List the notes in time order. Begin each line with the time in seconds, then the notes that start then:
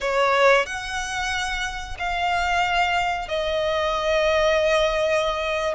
0.00 C#5
0.66 F#5
1.98 F5
3.28 D#5